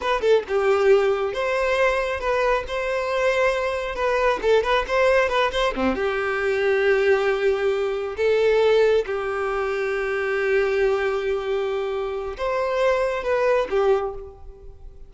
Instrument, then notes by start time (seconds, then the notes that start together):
violin
0.01 B4
0.21 A4
0.48 G4
1.33 C5
2.20 B4
2.67 C5
3.95 B4
4.42 A4
4.63 B4
4.87 C5
5.29 B4
5.51 C5
5.75 C4
5.95 G4
8.16 A4
9.06 G4
12.37 C5
13.23 B4
13.69 G4